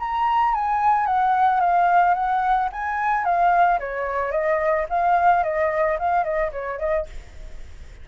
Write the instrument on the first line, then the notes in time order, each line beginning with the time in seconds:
flute
0.00 A#5
0.55 G#5
1.07 F#5
1.61 F5
2.15 F#5
2.73 G#5
3.25 F5
3.80 C#5
4.32 D#5
4.90 F5
5.44 D#5
6.00 F5
6.24 D#5
6.52 C#5
6.80 D#5